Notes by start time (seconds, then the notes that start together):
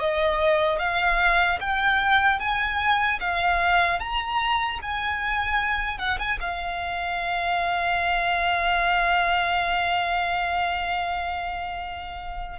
0.00 D#5
0.79 F5
1.61 G5
2.40 G#5
3.20 F5
4.00 A#5
4.83 G#5
5.99 F#5
6.19 G#5
6.41 F5